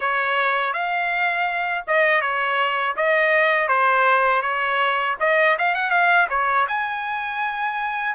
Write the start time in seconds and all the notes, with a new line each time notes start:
0.00 C#5
0.73 F5
1.87 D#5
2.21 C#5
2.96 D#5
3.68 C5
4.42 C#5
5.20 D#5
5.58 F5
5.74 F#5
5.90 F5
6.29 C#5
6.67 G#5